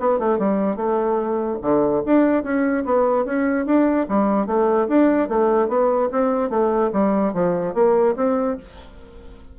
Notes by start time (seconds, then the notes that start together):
0.00 B3
0.19 A3
0.39 G3
0.76 A3
1.62 D3
2.06 D4
2.43 C#4
2.85 B3
3.25 C#4
3.66 D4
4.09 G3
4.47 A3
4.88 D4
5.29 A3
5.68 B3
6.12 C4
6.50 A3
6.93 G3
7.33 F3
7.74 A#3
8.16 C4